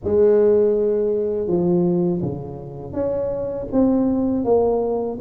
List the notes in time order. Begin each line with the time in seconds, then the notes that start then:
0.04 G#3
1.46 F3
2.22 C#3
2.92 C#4
3.72 C4
4.44 A#3